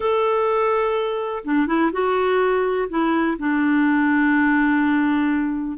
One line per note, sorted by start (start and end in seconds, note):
0.00 1.43 A4
1.44 1.67 D4
1.67 1.91 E4
1.92 2.88 F#4
2.89 3.37 E4
3.38 5.78 D4